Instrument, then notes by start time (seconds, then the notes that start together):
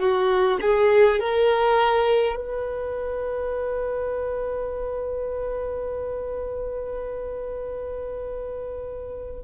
violin
0.00 F#4
0.61 G#4
1.20 A#4
2.36 B4